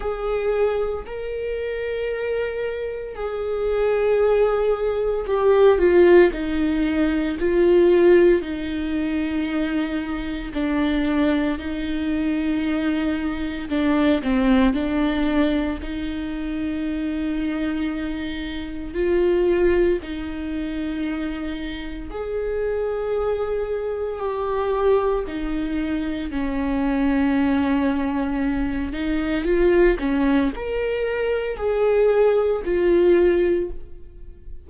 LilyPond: \new Staff \with { instrumentName = "viola" } { \time 4/4 \tempo 4 = 57 gis'4 ais'2 gis'4~ | gis'4 g'8 f'8 dis'4 f'4 | dis'2 d'4 dis'4~ | dis'4 d'8 c'8 d'4 dis'4~ |
dis'2 f'4 dis'4~ | dis'4 gis'2 g'4 | dis'4 cis'2~ cis'8 dis'8 | f'8 cis'8 ais'4 gis'4 f'4 | }